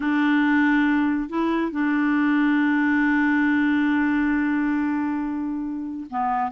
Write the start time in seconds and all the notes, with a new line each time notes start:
0.00 D4
1.29 E4
1.71 D4
6.10 B3